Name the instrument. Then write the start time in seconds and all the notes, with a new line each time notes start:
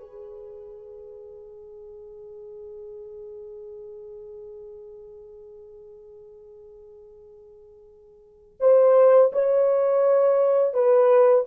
horn
0.00 G#4
8.60 C5
9.33 C#5
10.74 B4